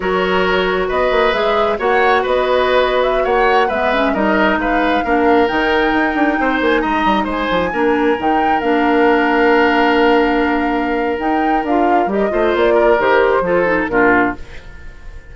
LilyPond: <<
  \new Staff \with { instrumentName = "flute" } { \time 4/4 \tempo 4 = 134 cis''2 dis''4 e''4 | fis''4 dis''4.~ dis''16 e''8 fis''8.~ | fis''16 e''4 dis''4 f''4.~ f''16~ | f''16 g''2~ g''8 gis''8 ais''8.~ |
ais''16 gis''2 g''4 f''8.~ | f''1~ | f''4 g''4 f''4 dis''4 | d''4 c''2 ais'4 | }
  \new Staff \with { instrumentName = "oboe" } { \time 4/4 ais'2 b'2 | cis''4 b'2~ b'16 cis''8.~ | cis''16 b'4 ais'4 b'4 ais'8.~ | ais'2~ ais'16 c''4 dis''8.~ |
dis''16 c''4 ais'2~ ais'8.~ | ais'1~ | ais'2.~ ais'8 c''8~ | c''8 ais'4. a'4 f'4 | }
  \new Staff \with { instrumentName = "clarinet" } { \time 4/4 fis'2. gis'4 | fis'1~ | fis'16 b8 cis'8 dis'2 d'8.~ | d'16 dis'2.~ dis'8.~ |
dis'4~ dis'16 d'4 dis'4 d'8.~ | d'1~ | d'4 dis'4 f'4 g'8 f'8~ | f'4 g'4 f'8 dis'8 d'4 | }
  \new Staff \with { instrumentName = "bassoon" } { \time 4/4 fis2 b8 ais8 gis4 | ais4 b2~ b16 ais8.~ | ais16 gis4 g4 gis4 ais8.~ | ais16 dis4 dis'8 d'8 c'8 ais8 gis8 g16~ |
g16 gis8 f8 ais4 dis4 ais8.~ | ais1~ | ais4 dis'4 d'4 g8 a8 | ais4 dis4 f4 ais,4 | }
>>